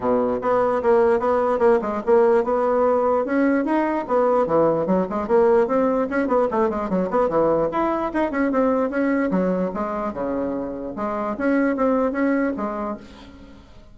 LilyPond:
\new Staff \with { instrumentName = "bassoon" } { \time 4/4 \tempo 4 = 148 b,4 b4 ais4 b4 | ais8 gis8 ais4 b2 | cis'4 dis'4 b4 e4 | fis8 gis8 ais4 c'4 cis'8 b8 |
a8 gis8 fis8 b8 e4 e'4 | dis'8 cis'8 c'4 cis'4 fis4 | gis4 cis2 gis4 | cis'4 c'4 cis'4 gis4 | }